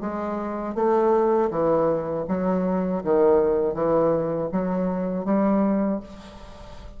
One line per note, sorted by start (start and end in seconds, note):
0.00 0.74 G#3
0.74 1.49 A3
1.50 2.25 E3
2.28 3.03 F#3
3.03 3.74 D#3
3.74 4.49 E3
4.52 5.25 F#3
5.25 6.00 G3